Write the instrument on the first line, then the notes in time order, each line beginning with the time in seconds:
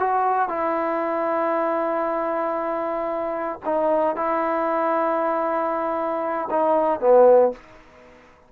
trombone
0.00 F#4
0.49 E4
3.66 D#4
4.16 E4
6.51 D#4
7.00 B3